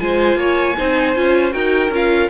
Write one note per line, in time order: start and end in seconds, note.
0.00 0.36 G#3
0.00 0.77 F4
0.00 0.38 C5
0.00 1.53 G#5
0.36 0.75 A#3
0.36 0.77 C#5
0.78 1.17 C4
0.78 1.16 D#4
0.78 1.54 C5
1.16 1.54 C#4
1.16 1.51 F4
1.51 1.90 D#4
1.51 1.90 F#4
1.51 2.30 A#4
1.51 1.91 G5
1.90 2.28 C#4
1.90 2.30 F4
1.90 2.30 F5